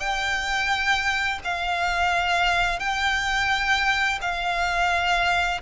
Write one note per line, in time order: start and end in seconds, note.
0.00 1.40 G5
1.45 2.80 F5
2.80 4.20 G5
4.22 5.61 F5